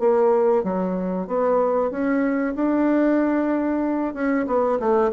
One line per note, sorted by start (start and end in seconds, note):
0.00 0.64 A#3
0.64 1.28 F#3
1.28 1.91 B3
1.91 2.55 C#4
2.56 4.15 D4
4.15 4.47 C#4
4.47 4.79 B3
4.80 5.12 A3